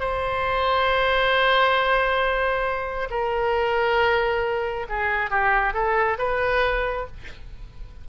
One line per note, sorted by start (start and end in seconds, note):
0.00 3.09 C5
3.10 4.86 A#4
4.89 5.31 G#4
5.31 5.74 G4
5.74 6.18 A4
6.18 7.07 B4